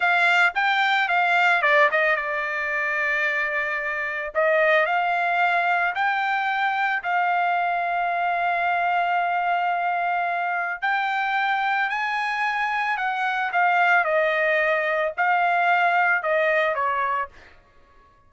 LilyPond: \new Staff \with { instrumentName = "trumpet" } { \time 4/4 \tempo 4 = 111 f''4 g''4 f''4 d''8 dis''8 | d''1 | dis''4 f''2 g''4~ | g''4 f''2.~ |
f''1 | g''2 gis''2 | fis''4 f''4 dis''2 | f''2 dis''4 cis''4 | }